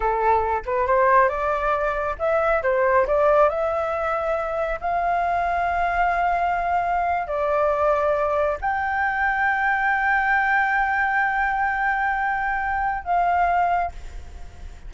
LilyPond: \new Staff \with { instrumentName = "flute" } { \time 4/4 \tempo 4 = 138 a'4. b'8 c''4 d''4~ | d''4 e''4 c''4 d''4 | e''2. f''4~ | f''1~ |
f''8. d''2. g''16~ | g''1~ | g''1~ | g''2 f''2 | }